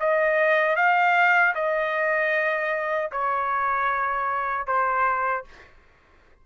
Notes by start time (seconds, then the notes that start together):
0.00 D#5
0.76 F5
1.54 D#5
3.11 C#5
4.66 C5